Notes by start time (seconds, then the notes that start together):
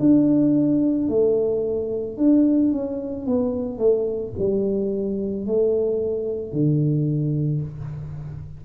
0.00 D4
1.09 A3
2.18 D4
2.73 C#4
3.26 B3
3.78 A3
4.39 G3
5.47 A3
6.53 D3